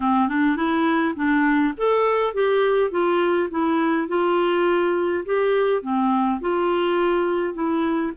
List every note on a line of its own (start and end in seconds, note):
0.00 0.28 C4
0.28 0.56 D4
0.56 1.14 E4
1.15 1.74 D4
1.77 2.34 A4
2.34 2.90 G4
2.90 3.49 F4
3.50 4.08 E4
4.08 5.24 F4
5.25 5.81 G4
5.81 6.40 C4
6.40 7.54 F4
7.54 8.12 E4